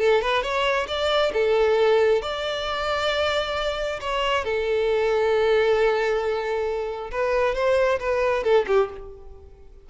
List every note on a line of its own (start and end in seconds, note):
0.00 0.22 A4
0.22 0.43 B4
0.43 0.87 C#5
0.88 1.32 D5
1.34 2.23 A4
2.23 4.00 D5
4.01 4.45 C#5
4.45 7.11 A4
7.12 7.55 B4
7.55 8.00 C5
8.00 8.44 B4
8.44 8.66 A4
8.68 8.90 G4